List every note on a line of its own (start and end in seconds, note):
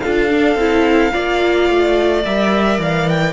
0.00 0.55 D4
0.00 0.29 F4
0.00 1.13 A4
0.00 2.22 F5
0.29 0.57 D4
0.55 1.10 C4
0.55 1.12 E4
1.12 1.69 A#3
1.12 2.24 F4
1.12 3.33 D5
1.69 2.25 A3
2.25 2.78 G3
2.25 3.33 A#4
2.25 2.80 E5
2.78 3.33 E3
2.78 3.09 F5
3.09 3.33 G5